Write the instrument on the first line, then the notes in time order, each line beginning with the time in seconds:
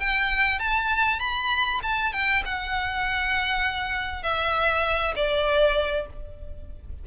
violin
0.00 G5
0.60 A5
1.20 B5
1.83 A5
2.13 G5
2.46 F#5
4.23 E5
5.16 D5